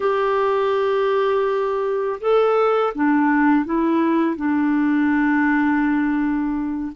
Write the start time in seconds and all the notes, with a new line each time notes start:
0.00 G4
2.20 A4
2.94 D4
3.65 E4
4.35 D4